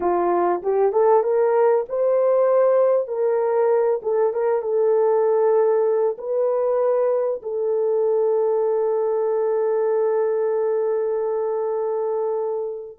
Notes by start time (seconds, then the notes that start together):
0.00 F4
0.62 G4
0.92 A4
1.23 A#4
1.88 C5
3.07 A#4
4.02 A4
4.33 A#4
4.62 A4
6.17 B4
7.42 A4